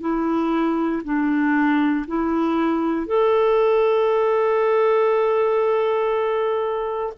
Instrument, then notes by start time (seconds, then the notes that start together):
clarinet
0.00 E4
1.04 D4
2.07 E4
3.06 A4